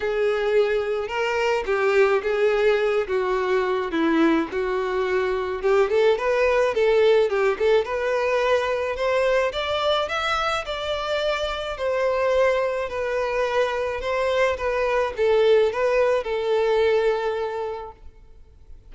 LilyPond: \new Staff \with { instrumentName = "violin" } { \time 4/4 \tempo 4 = 107 gis'2 ais'4 g'4 | gis'4. fis'4. e'4 | fis'2 g'8 a'8 b'4 | a'4 g'8 a'8 b'2 |
c''4 d''4 e''4 d''4~ | d''4 c''2 b'4~ | b'4 c''4 b'4 a'4 | b'4 a'2. | }